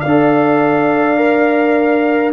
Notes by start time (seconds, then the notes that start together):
0.00 D4 D5 F5
0.08 A4
1.17 A#4